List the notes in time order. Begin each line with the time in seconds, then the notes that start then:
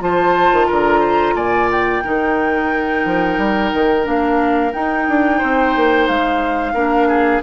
0.00 F3 F4 C5 A5
0.52 D#3
0.67 D3 A#4 A#5
1.00 C5
1.34 A#2 D5 G#5
1.71 G5
2.04 D#3 D#4 A#4
3.04 F3
3.38 G3
3.73 D#3
4.03 A#3 D4 F5
4.72 D#4 G5
5.07 D4
5.38 C4 C5
5.76 A#3
6.07 G#3 F5
6.74 A#3 D4 A#4
7.08 G#4